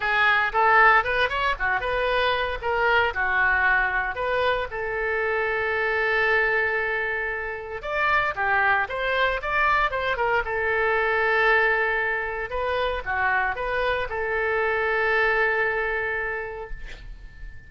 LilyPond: \new Staff \with { instrumentName = "oboe" } { \time 4/4 \tempo 4 = 115 gis'4 a'4 b'8 cis''8 fis'8 b'8~ | b'4 ais'4 fis'2 | b'4 a'2.~ | a'2. d''4 |
g'4 c''4 d''4 c''8 ais'8 | a'1 | b'4 fis'4 b'4 a'4~ | a'1 | }